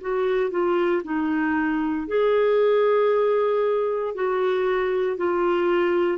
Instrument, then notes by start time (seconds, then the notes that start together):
clarinet
0.00 F#4
0.50 F4
1.03 D#4
2.07 G#4
4.14 F#4
5.17 F4